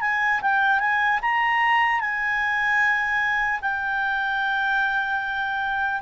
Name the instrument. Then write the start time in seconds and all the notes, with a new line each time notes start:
clarinet
0.00 G#5
0.41 G5
0.79 G#5
1.21 A#5
2.00 G#5
3.61 G5